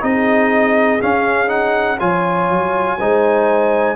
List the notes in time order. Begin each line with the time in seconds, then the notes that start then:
0.00 C4 D#4 G#4 D#5
1.02 C#4 F5
1.48 D#4 F#5
1.99 F3 F4 C#5 G#5
2.50 F#3
2.99 G#3 D#4 C5